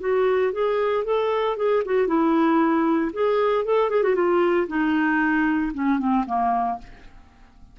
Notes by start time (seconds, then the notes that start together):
0.00 F#4
0.52 G#4
1.04 A4
1.57 G#4
1.85 F#4
2.07 E4
3.13 G#4
3.65 A4
3.90 G#4
4.03 F#4
4.15 F4
4.68 D#4
5.73 C#4
5.99 C4
6.26 A#3